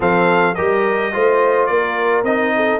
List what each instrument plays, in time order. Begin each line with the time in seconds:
0.00 tuba F3, trombone C4, horn A4, trumpet F5
0.55 tuba G3, trombone G4, horn A#4, trumpet D#5
1.12 tuba A3, trombone F4, horn C5
1.66 tuba A#3, horn A#4, trumpet D5
2.23 tuba C4, trombone D#4, trumpet D#5
2.55 horn A4